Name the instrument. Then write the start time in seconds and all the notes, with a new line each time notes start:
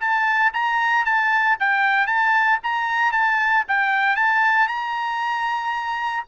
trumpet
0.00 A5
0.53 A#5
1.05 A5
1.60 G5
2.07 A5
2.63 A#5
3.12 A5
3.68 G5
4.16 A5
4.67 A#5